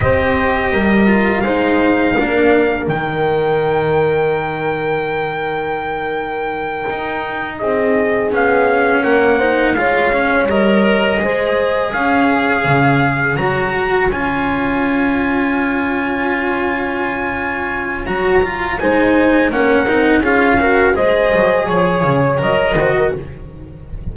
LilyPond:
<<
  \new Staff \with { instrumentName = "trumpet" } { \time 4/4 \tempo 4 = 83 dis''2 f''2 | g''1~ | g''2~ g''8 dis''4 f''8~ | f''8 fis''4 f''4 dis''4.~ |
dis''8 f''2 ais''4 gis''8~ | gis''1~ | gis''4 ais''4 gis''4 fis''4 | f''4 dis''4 cis''4 dis''4 | }
  \new Staff \with { instrumentName = "horn" } { \time 4/4 c''4 ais'4 c''4 ais'4~ | ais'1~ | ais'2~ ais'8 gis'4.~ | gis'8 ais'8 c''8 cis''2 c''8~ |
c''8 cis''2.~ cis''8~ | cis''1~ | cis''2 c''4 ais'4 | gis'8 ais'8 c''4 cis''4. c''16 ais'16 | }
  \new Staff \with { instrumentName = "cello" } { \time 4/4 g'4. f'8 dis'4 d'4 | dis'1~ | dis'2.~ dis'8 cis'8~ | cis'4 dis'8 f'8 cis'8 ais'4 gis'8~ |
gis'2~ gis'8 fis'4 f'8~ | f'1~ | f'4 fis'8 f'8 dis'4 cis'8 dis'8 | f'8 fis'8 gis'2 ais'8 fis'8 | }
  \new Staff \with { instrumentName = "double bass" } { \time 4/4 c'4 g4 gis4 ais4 | dis1~ | dis4. dis'4 c'4 b8~ | b8 ais4 gis4 g4 gis8~ |
gis8 cis'4 cis4 fis4 cis'8~ | cis'1~ | cis'4 fis4 gis4 ais8 c'8 | cis'4 gis8 fis8 f8 cis8 fis8 dis8 | }
>>